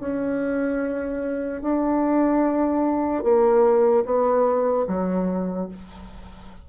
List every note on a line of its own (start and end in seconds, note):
0.00 1.62 C#4
1.62 3.23 D4
3.23 4.04 A#3
4.05 4.86 B3
4.87 5.68 F#3